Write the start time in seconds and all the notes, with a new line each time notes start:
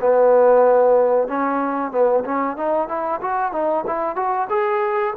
0.00 B3
1.28 C#4
1.91 B3
2.24 C#4
2.56 D#4
2.88 E4
3.21 F#4
3.52 D#4
3.86 E4
4.15 F#4
4.49 G#4